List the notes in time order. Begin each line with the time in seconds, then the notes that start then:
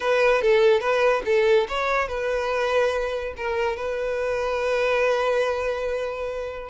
0.00 B4
0.41 A4
0.80 B4
1.25 A4
1.68 C#5
2.08 B4
3.36 A#4
3.76 B4